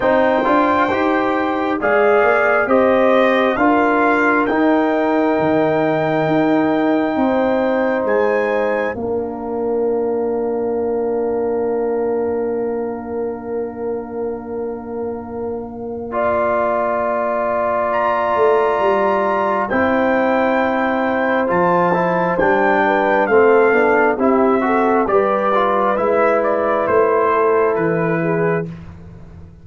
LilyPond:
<<
  \new Staff \with { instrumentName = "trumpet" } { \time 4/4 \tempo 4 = 67 g''2 f''4 dis''4 | f''4 g''2.~ | g''4 gis''4 f''2~ | f''1~ |
f''1 | ais''2 g''2 | a''4 g''4 f''4 e''4 | d''4 e''8 d''8 c''4 b'4 | }
  \new Staff \with { instrumentName = "horn" } { \time 4/4 c''2 d''4 c''4 | ais'1 | c''2 ais'2~ | ais'1~ |
ais'2 d''2~ | d''2 c''2~ | c''4. b'8 a'4 g'8 a'8 | b'2~ b'8 a'4 gis'8 | }
  \new Staff \with { instrumentName = "trombone" } { \time 4/4 dis'8 f'8 g'4 gis'4 g'4 | f'4 dis'2.~ | dis'2 d'2~ | d'1~ |
d'2 f'2~ | f'2 e'2 | f'8 e'8 d'4 c'8 d'8 e'8 fis'8 | g'8 f'8 e'2. | }
  \new Staff \with { instrumentName = "tuba" } { \time 4/4 c'8 d'8 dis'4 gis8 ais8 c'4 | d'4 dis'4 dis4 dis'4 | c'4 gis4 ais2~ | ais1~ |
ais1~ | ais8 a8 g4 c'2 | f4 g4 a8 b8 c'4 | g4 gis4 a4 e4 | }
>>